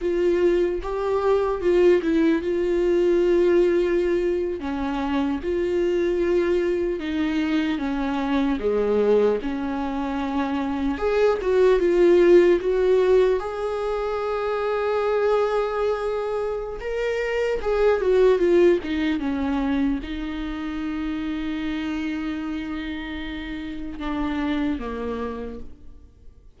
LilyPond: \new Staff \with { instrumentName = "viola" } { \time 4/4 \tempo 4 = 75 f'4 g'4 f'8 e'8 f'4~ | f'4.~ f'16 cis'4 f'4~ f'16~ | f'8. dis'4 cis'4 gis4 cis'16~ | cis'4.~ cis'16 gis'8 fis'8 f'4 fis'16~ |
fis'8. gis'2.~ gis'16~ | gis'4 ais'4 gis'8 fis'8 f'8 dis'8 | cis'4 dis'2.~ | dis'2 d'4 ais4 | }